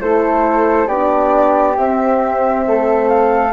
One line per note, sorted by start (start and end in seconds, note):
0.00 0.87 A3
0.00 0.88 E4
0.00 0.87 A4
0.00 0.87 C5
0.87 1.75 B3
0.87 1.74 D4
0.87 2.64 G4
0.87 1.76 D5
1.74 3.51 C4
1.74 2.66 C4
1.74 3.08 E5
2.66 3.52 A3
2.66 3.52 A4
3.08 3.52 F5